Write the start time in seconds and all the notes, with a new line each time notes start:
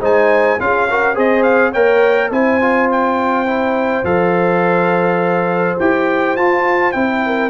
0.00 G#3 D#4 C5 G#5
0.59 C#4 F4 G#4 F5
0.90 F#4 A#4
1.14 C4 G#4 C5 D#5
1.42 F5
1.71 A#3 A#4 C#5 G5
2.30 C4 E4 C5 G#5
2.61 F4
2.91 G5
3.46 E4
4.03 F3 A4 F5
5.79 E4 G4 G5
6.36 F4 A5
6.92 C4 E4 G5
7.25 A#4